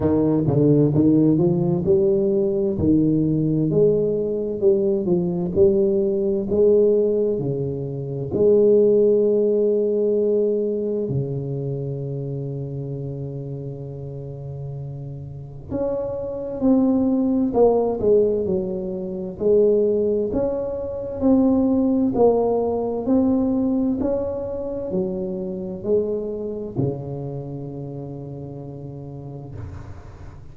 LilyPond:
\new Staff \with { instrumentName = "tuba" } { \time 4/4 \tempo 4 = 65 dis8 d8 dis8 f8 g4 dis4 | gis4 g8 f8 g4 gis4 | cis4 gis2. | cis1~ |
cis4 cis'4 c'4 ais8 gis8 | fis4 gis4 cis'4 c'4 | ais4 c'4 cis'4 fis4 | gis4 cis2. | }